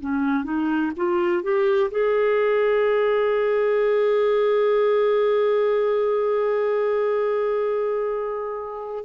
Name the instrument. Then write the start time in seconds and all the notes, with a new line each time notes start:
clarinet
0.00 C#4
0.44 D#4
0.96 F4
1.42 G4
1.90 G#4